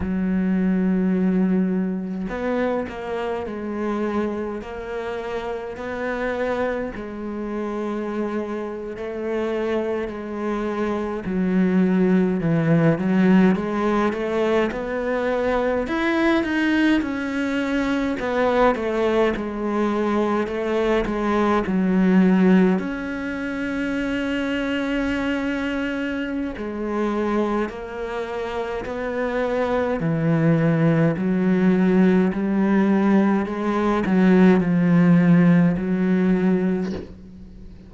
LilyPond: \new Staff \with { instrumentName = "cello" } { \time 4/4 \tempo 4 = 52 fis2 b8 ais8 gis4 | ais4 b4 gis4.~ gis16 a16~ | a8. gis4 fis4 e8 fis8 gis16~ | gis16 a8 b4 e'8 dis'8 cis'4 b16~ |
b16 a8 gis4 a8 gis8 fis4 cis'16~ | cis'2. gis4 | ais4 b4 e4 fis4 | g4 gis8 fis8 f4 fis4 | }